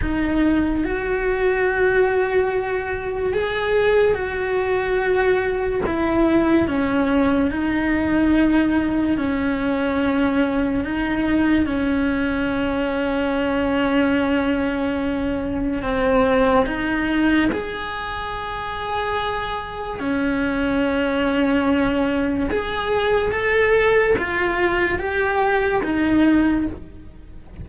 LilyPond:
\new Staff \with { instrumentName = "cello" } { \time 4/4 \tempo 4 = 72 dis'4 fis'2. | gis'4 fis'2 e'4 | cis'4 dis'2 cis'4~ | cis'4 dis'4 cis'2~ |
cis'2. c'4 | dis'4 gis'2. | cis'2. gis'4 | a'4 f'4 g'4 dis'4 | }